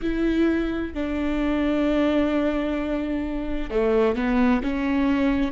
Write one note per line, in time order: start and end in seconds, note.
0.02 0.94 E4
0.94 3.70 D4
3.70 4.15 A3
4.15 4.61 B3
4.62 5.51 C#4